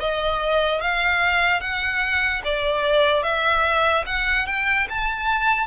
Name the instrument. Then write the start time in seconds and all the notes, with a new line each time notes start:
violin
0.00 D#5
0.81 F5
1.61 F#5
2.44 D5
3.23 E5
4.06 F#5
4.47 G5
4.89 A5